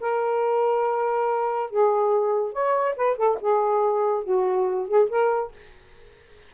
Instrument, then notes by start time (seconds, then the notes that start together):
saxophone
0.00 A#4
1.70 G#4
2.52 C#5
2.96 B4
3.17 A4
3.40 G#4
4.24 F#4
4.87 G#4
5.09 A#4